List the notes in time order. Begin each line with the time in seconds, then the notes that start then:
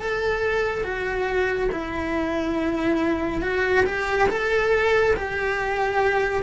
0.00 A4
0.84 F#4
1.72 E4
3.42 F#4
3.86 G4
4.29 A4
5.16 G4